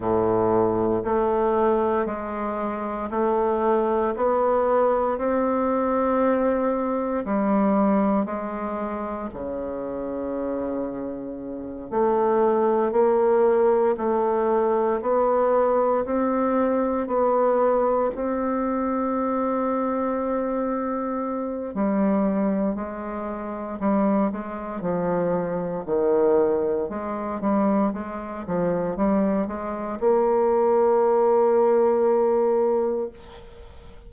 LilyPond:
\new Staff \with { instrumentName = "bassoon" } { \time 4/4 \tempo 4 = 58 a,4 a4 gis4 a4 | b4 c'2 g4 | gis4 cis2~ cis8 a8~ | a8 ais4 a4 b4 c'8~ |
c'8 b4 c'2~ c'8~ | c'4 g4 gis4 g8 gis8 | f4 dis4 gis8 g8 gis8 f8 | g8 gis8 ais2. | }